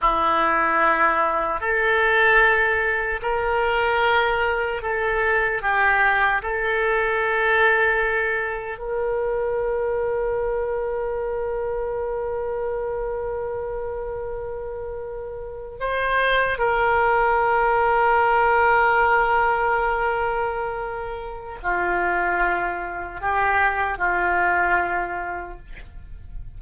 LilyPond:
\new Staff \with { instrumentName = "oboe" } { \time 4/4 \tempo 4 = 75 e'2 a'2 | ais'2 a'4 g'4 | a'2. ais'4~ | ais'1~ |
ais'2.~ ais'8. c''16~ | c''8. ais'2.~ ais'16~ | ais'2. f'4~ | f'4 g'4 f'2 | }